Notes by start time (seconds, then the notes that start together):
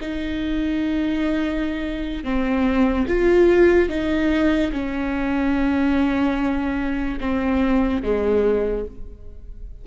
0.00 D#4
2.23 C4
3.07 F4
3.89 D#4
4.72 C#4
7.20 C4
8.02 G#3